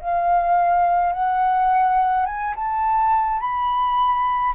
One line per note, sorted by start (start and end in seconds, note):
0.00 1.12 F5
1.12 2.25 F#5
2.25 2.54 G#5
2.55 3.40 A5
3.40 4.53 B5